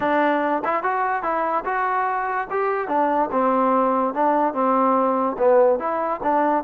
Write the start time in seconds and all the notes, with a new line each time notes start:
0.00 D4
0.64 E4
0.83 F#4
1.22 E4
1.65 F#4
2.50 G4
2.88 D4
3.31 C4
4.14 D4
4.53 C4
5.38 B3
5.79 E4
6.22 D4